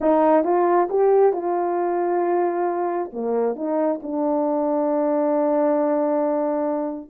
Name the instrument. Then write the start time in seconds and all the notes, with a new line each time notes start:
horn
0.00 D#4
0.43 F4
0.89 G4
1.33 F4
3.13 A#3
3.55 D#4
4.02 D4